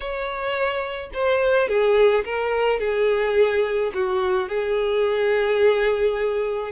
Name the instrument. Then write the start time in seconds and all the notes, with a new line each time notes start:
violin
0.00 C#5
1.13 C5
1.68 G#4
2.24 A#4
2.79 G#4
3.94 F#4
4.48 G#4